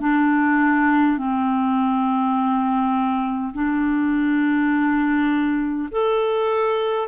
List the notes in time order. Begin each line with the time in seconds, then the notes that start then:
0.00 D4
1.18 C4
3.53 D4
5.91 A4